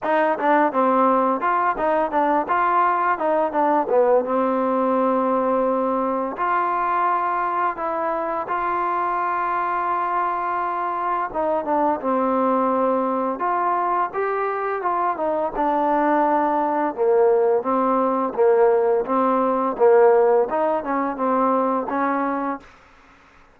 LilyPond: \new Staff \with { instrumentName = "trombone" } { \time 4/4 \tempo 4 = 85 dis'8 d'8 c'4 f'8 dis'8 d'8 f'8~ | f'8 dis'8 d'8 b8 c'2~ | c'4 f'2 e'4 | f'1 |
dis'8 d'8 c'2 f'4 | g'4 f'8 dis'8 d'2 | ais4 c'4 ais4 c'4 | ais4 dis'8 cis'8 c'4 cis'4 | }